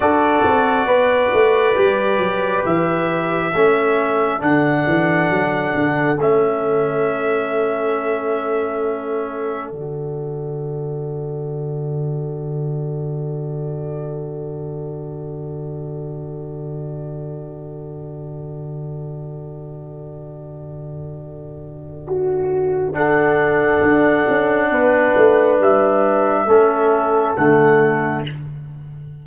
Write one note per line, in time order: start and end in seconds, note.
0.00 0.44 D4
0.00 1.74 F#4
0.00 0.87 A4
0.00 2.64 D5
0.44 0.86 C4
0.86 1.30 B3
0.86 3.51 B4
1.33 1.77 A3
1.74 2.18 G3
1.74 3.51 G4
2.18 2.62 F#3
2.65 3.53 E3
2.65 4.42 E5
3.53 4.41 A3
3.53 4.39 C#4
3.53 22.06 A4
4.39 4.85 D3
4.39 6.16 D4
4.39 6.19 F#5
4.86 5.29 E3
5.29 5.73 F#3
5.74 6.18 D3
6.18 9.70 A3
6.18 9.73 C#4
6.18 9.69 E5
9.69 23.82 D3
9.69 22.93 F#4
9.69 22.93 D5
22.07 22.95 F#4
22.93 26.46 D4
22.93 24.70 A4
22.93 25.59 F#5
23.82 24.26 D4
24.28 24.70 C#4
24.70 25.14 B3
24.70 26.46 B4
25.16 25.59 A3
25.59 26.45 G3
25.59 27.36 E5
26.45 27.33 A3
26.45 27.37 C#4
26.45 28.22 A4
27.36 28.26 D3
27.36 28.26 A3
27.36 28.24 F#5